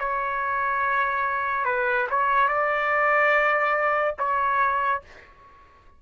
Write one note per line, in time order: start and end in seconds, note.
0.00 1.66 C#5
1.66 2.07 B4
2.11 2.48 C#5
2.48 4.15 D5
4.19 5.02 C#5